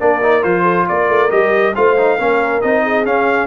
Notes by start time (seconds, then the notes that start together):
0.00 A#3 D4 A#4 D5
0.23 D#4
0.43 F3 F4 C5
0.63 A4
0.89 A#3 A#4 D5
1.09 A3
1.30 G3 G4 D#5
1.76 A3 F4 C5 F5
1.98 D#4
2.17 A#3 C#4 A#4
2.62 C4 D#4 D#5
2.83 G#4
3.06 C#4 F5